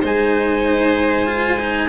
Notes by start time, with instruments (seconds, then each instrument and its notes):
0.00 tuba G#3, cello D#4, violin C5, trumpet G#5
1.26 cello F4
1.59 cello D#4